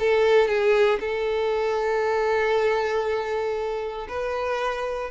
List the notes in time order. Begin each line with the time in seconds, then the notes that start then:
0.00 A4
0.48 G#4
1.00 A4
4.09 B4